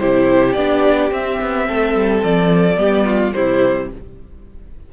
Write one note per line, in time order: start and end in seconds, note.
0.00 0.56 C3
0.00 0.56 E4
0.00 1.68 G4
0.00 0.53 C5
0.53 1.11 B3
0.53 1.11 D4
0.53 1.09 D5
1.11 2.77 C4
1.11 1.39 C4
1.11 2.24 E5
1.41 1.69 B3
1.68 1.96 A3
1.68 2.80 A4
1.96 2.24 G3
2.24 2.77 F3
2.24 3.34 D5
2.77 3.33 G3
2.77 3.33 B3
2.77 3.06 G4
3.06 3.34 F4
3.34 3.93 C3
3.34 3.91 G3
3.34 3.93 E4
3.34 3.90 C5